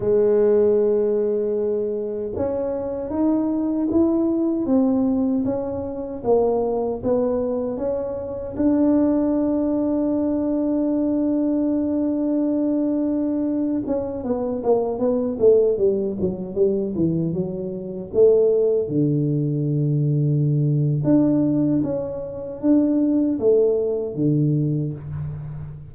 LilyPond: \new Staff \with { instrumentName = "tuba" } { \time 4/4 \tempo 4 = 77 gis2. cis'4 | dis'4 e'4 c'4 cis'4 | ais4 b4 cis'4 d'4~ | d'1~ |
d'4.~ d'16 cis'8 b8 ais8 b8 a16~ | a16 g8 fis8 g8 e8 fis4 a8.~ | a16 d2~ d8. d'4 | cis'4 d'4 a4 d4 | }